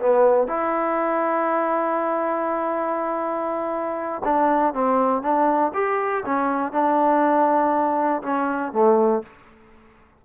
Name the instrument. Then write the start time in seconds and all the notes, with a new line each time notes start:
trombone
0.00 B3
0.47 E4
4.25 D4
4.74 C4
5.22 D4
5.74 G4
6.25 C#4
6.72 D4
8.23 C#4
8.73 A3